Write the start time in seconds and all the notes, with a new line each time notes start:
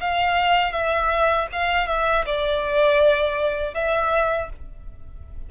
0.00 F5
0.72 E5
1.52 F5
1.87 E5
2.26 D5
3.74 E5